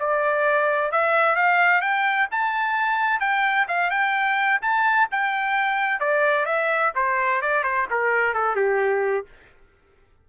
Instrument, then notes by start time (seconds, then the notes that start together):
trumpet
0.00 D5
0.92 E5
1.36 F5
1.82 G5
2.32 A5
3.20 G5
3.68 F5
3.91 G5
4.62 A5
5.12 G5
6.00 D5
6.46 E5
6.96 C5
7.42 D5
7.64 C5
7.91 A#4
8.34 A4
8.56 G4